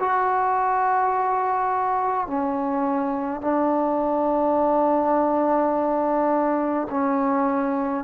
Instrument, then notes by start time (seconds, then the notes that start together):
trombone
0.00 F#4
2.28 C#4
3.42 D4
6.90 C#4